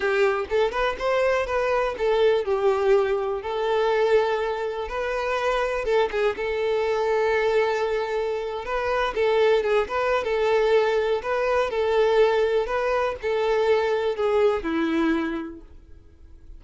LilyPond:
\new Staff \with { instrumentName = "violin" } { \time 4/4 \tempo 4 = 123 g'4 a'8 b'8 c''4 b'4 | a'4 g'2 a'4~ | a'2 b'2 | a'8 gis'8 a'2.~ |
a'4.~ a'16 b'4 a'4 gis'16~ | gis'16 b'8. a'2 b'4 | a'2 b'4 a'4~ | a'4 gis'4 e'2 | }